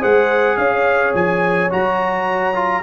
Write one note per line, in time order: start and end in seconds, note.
0.00 0.57 G#3
0.00 1.69 G#4
0.00 0.56 C5
0.00 0.57 F#5
0.57 1.13 C#4
0.57 2.82 C#5
0.57 1.13 F5
1.14 1.70 F3
1.14 1.71 G#5
1.70 2.82 F#3
1.70 2.54 F#4
1.70 2.82 A#5
2.54 2.82 F4